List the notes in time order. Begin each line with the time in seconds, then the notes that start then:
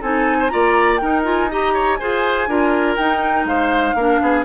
0.00 C4 D#4 A4 G#5
0.39 C5
0.48 A#3 F4 D5 A#5
0.97 D#4 A#4 G5
1.24 F4 G#5
1.50 G4 D#5 A#5
1.73 C#5
1.96 F4 G#4 C5 G#5
2.47 D4 F4 A#4
2.96 D#4 G5
3.44 G#3 C5 F5
3.94 A#3 D4 A#4
4.21 B3 G#4